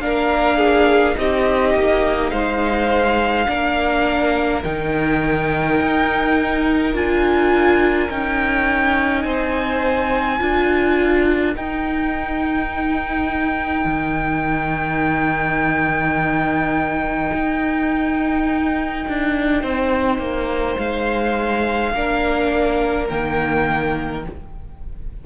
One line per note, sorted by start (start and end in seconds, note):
0.00 1.15 A#3
0.00 1.15 D4
0.00 0.58 A#4
0.00 1.16 F5
0.58 1.16 G#4
1.15 1.75 C4
1.15 3.46 D#4
1.15 2.31 G4
1.15 2.31 D#5
1.75 2.32 A#3
2.31 3.47 G#3
2.31 3.47 C5
2.31 4.61 F5
3.47 4.64 A#3
3.47 4.62 D4
3.47 9.25 A#4
4.63 5.80 D#3
4.63 6.94 D#4
4.63 6.94 G5
5.81 6.94 D#4
6.94 8.09 D4
6.94 8.09 F4
6.94 8.10 G#5
8.10 9.25 C#4
8.10 10.39 D#4
8.10 9.23 G5
9.23 10.40 C4
9.23 10.40 C5
9.23 11.53 G#5
10.39 11.56 D4
10.39 11.54 F4
10.39 19.62 A#4
11.56 21.94 D#4
11.56 13.85 D#4
11.56 20.77 G5
13.85 17.31 D#3
17.33 19.06 D#4
19.08 19.63 D4
19.62 20.19 C4
19.62 21.93 C5
20.19 20.76 A#3
20.77 21.94 G#3
20.77 23.08 F5
21.94 23.09 A#3
21.94 23.09 D4
21.94 24.26 A#4
23.08 24.26 D#3
23.08 24.25 A#3
23.08 24.24 G5